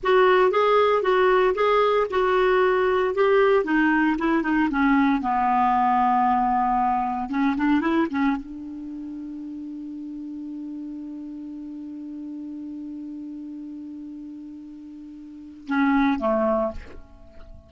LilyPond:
\new Staff \with { instrumentName = "clarinet" } { \time 4/4 \tempo 4 = 115 fis'4 gis'4 fis'4 gis'4 | fis'2 g'4 dis'4 | e'8 dis'8 cis'4 b2~ | b2 cis'8 d'8 e'8 cis'8 |
d'1~ | d'1~ | d'1~ | d'2 cis'4 a4 | }